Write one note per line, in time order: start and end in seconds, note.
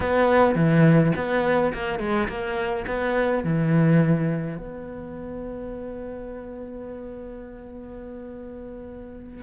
0.00 0.55 B3
0.55 1.12 E3
1.15 1.72 B3
1.73 1.99 A#3
1.99 2.28 G#3
2.28 2.85 A#3
2.86 3.43 B3
3.43 4.57 E3
4.57 9.43 B3